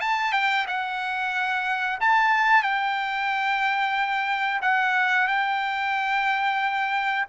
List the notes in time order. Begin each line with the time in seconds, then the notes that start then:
0.00 A5
0.32 G5
0.67 F#5
2.00 A5
2.62 G5
4.61 F#5
5.27 G5